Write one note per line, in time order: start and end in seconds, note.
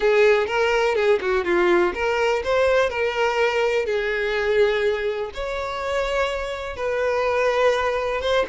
0.00 0.46 G#4
0.46 0.95 A#4
0.95 1.19 G#4
1.21 1.45 F#4
1.45 1.93 F4
1.94 2.43 A#4
2.44 2.89 C5
2.89 3.85 A#4
3.85 5.30 G#4
5.34 6.76 C#5
6.76 8.21 B4
8.21 8.45 C5